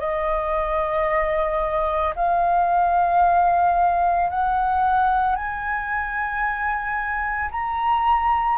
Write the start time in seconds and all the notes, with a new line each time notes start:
0.00 D#5
2.16 F5
4.30 F#5
5.36 G#5
7.51 A#5